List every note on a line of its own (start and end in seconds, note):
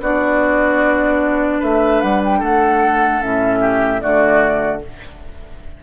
0.00 1.60 B3
0.00 3.20 D4
0.00 1.59 F#4
0.00 1.62 D5
1.59 2.02 A3
1.59 2.39 B4
1.59 2.01 E5
2.01 2.41 G3
2.01 2.21 F#5
2.24 2.43 G5
2.39 3.21 A3
2.39 3.59 A4
2.39 3.22 F#5
3.20 4.03 A2
3.20 4.00 C#4
3.20 4.01 E5
3.60 4.00 G4
4.00 4.83 D3
4.00 4.79 A3
4.00 4.83 F#4
4.00 4.81 D5